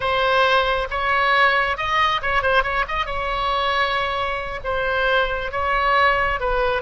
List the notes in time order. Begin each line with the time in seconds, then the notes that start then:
0.00 C5
0.90 C#5
1.77 D#5
2.22 C#5
2.42 C5
2.63 C#5
2.87 D#5
3.06 C#5
4.63 C5
5.51 C#5
6.40 B4